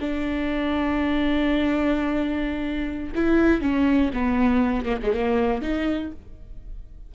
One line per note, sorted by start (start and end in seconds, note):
0.00 3.12 D4
3.15 3.61 E4
3.61 4.11 C#4
4.13 4.85 B3
4.85 4.98 A#3
5.02 5.13 G#3
5.13 5.62 A#3
5.62 6.12 D#4